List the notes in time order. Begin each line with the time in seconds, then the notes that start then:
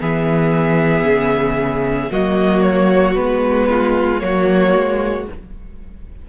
0.00 E3 B3 G#4 E5
1.04 C#3
2.10 F#3 A#3 F#4 D#5
2.62 C#5
3.15 G#3 B3 B4
3.70 F4
4.20 F#3 A#3 F#4 C#5
4.76 G#3